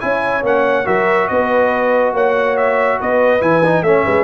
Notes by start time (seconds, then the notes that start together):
0.00 C#4 E4 C#5 G#5
0.43 A#3 C#4 F#5
0.85 F#3 F#4 A#4 E5
1.28 B3 B4 D#5
2.13 A#3 C#5 F#5
2.57 E5
3.00 B3 B4 D#5
3.41 E3 E4 G#5
3.64 D#4
3.82 A3 C#4 C#5 E5
4.05 G#3 B4